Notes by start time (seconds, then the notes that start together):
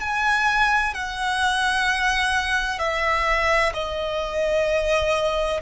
0.00 G#5
0.94 F#5
2.79 E5
3.73 D#5